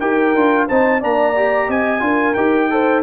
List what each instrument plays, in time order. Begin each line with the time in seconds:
0.00 tuba D#4, trombone G4, horn A#4, trumpet G5
0.35 tuba D4, trombone F4
0.68 tuba C4, trombone D#4, horn C5, trumpet A5
1.00 tuba A#3, trombone D4, horn D5, trumpet A#5
1.36 trombone G4
1.68 tuba C4, horn D#5, trumpet G#5
2.00 tuba D4, trombone F4, horn A#4
2.35 tuba D#4, trombone G4, trumpet G5
2.71 trombone A4, horn C5